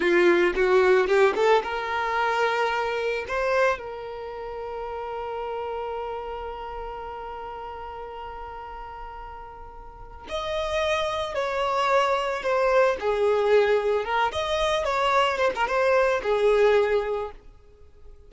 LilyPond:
\new Staff \with { instrumentName = "violin" } { \time 4/4 \tempo 4 = 111 f'4 fis'4 g'8 a'8 ais'4~ | ais'2 c''4 ais'4~ | ais'1~ | ais'1~ |
ais'2. dis''4~ | dis''4 cis''2 c''4 | gis'2 ais'8 dis''4 cis''8~ | cis''8 c''16 ais'16 c''4 gis'2 | }